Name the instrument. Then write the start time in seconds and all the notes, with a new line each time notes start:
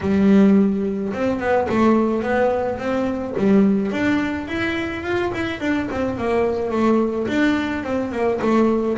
double bass
0.00 G3
1.13 C4
1.39 B3
1.68 A3
2.23 B3
2.78 C4
3.37 G3
3.91 D4
4.47 E4
5.03 F4
5.33 E4
5.60 D4
5.91 C4
6.17 A#3
6.71 A3
7.27 D4
7.83 C4
8.11 A#3
8.41 A3